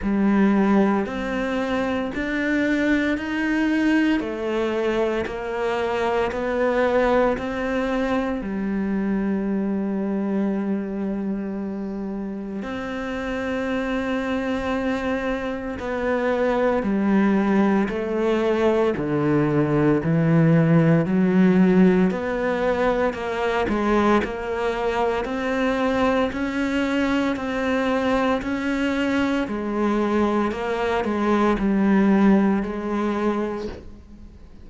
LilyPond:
\new Staff \with { instrumentName = "cello" } { \time 4/4 \tempo 4 = 57 g4 c'4 d'4 dis'4 | a4 ais4 b4 c'4 | g1 | c'2. b4 |
g4 a4 d4 e4 | fis4 b4 ais8 gis8 ais4 | c'4 cis'4 c'4 cis'4 | gis4 ais8 gis8 g4 gis4 | }